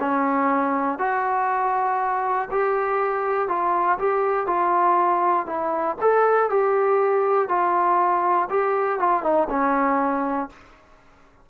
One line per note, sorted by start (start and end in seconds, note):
0.00 0.99 C#4
0.99 2.49 F#4
2.51 3.48 G4
3.48 3.98 F4
3.99 4.47 G4
4.47 5.46 F4
5.46 5.96 E4
6.01 6.50 A4
6.50 7.49 G4
7.49 8.49 F4
8.50 9.00 G4
9.00 9.23 F4
9.23 9.48 D#4
9.50 10.50 C#4